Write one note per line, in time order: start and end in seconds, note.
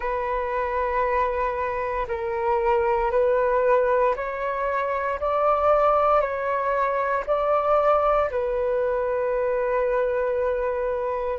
0.00 2.06 B4
2.07 3.11 A#4
3.11 4.14 B4
4.16 5.19 C#5
5.20 6.20 D5
6.20 7.24 C#5
7.26 8.29 D5
8.30 11.39 B4